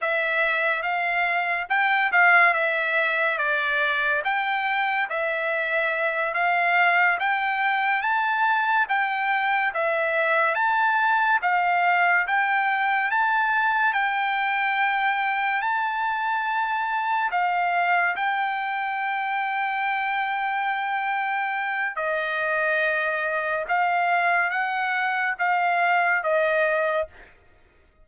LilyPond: \new Staff \with { instrumentName = "trumpet" } { \time 4/4 \tempo 4 = 71 e''4 f''4 g''8 f''8 e''4 | d''4 g''4 e''4. f''8~ | f''8 g''4 a''4 g''4 e''8~ | e''8 a''4 f''4 g''4 a''8~ |
a''8 g''2 a''4.~ | a''8 f''4 g''2~ g''8~ | g''2 dis''2 | f''4 fis''4 f''4 dis''4 | }